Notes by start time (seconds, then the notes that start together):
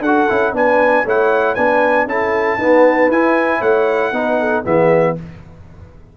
0.00 D4 A4 F#5
0.06 F#4
0.29 C#4 E4
0.52 B3 D4 B4 G#5
1.04 A3 E4 C#5 F#5
1.54 B3 D4 B4 G#5
2.06 C#4 E4 A4 A5
2.58 B3 D#4 B4
3.09 E4 G#5
3.58 A3 C#5 F#5
4.12 B3 D#4 B4
4.40 A4
4.63 E3 B3 G#4 E5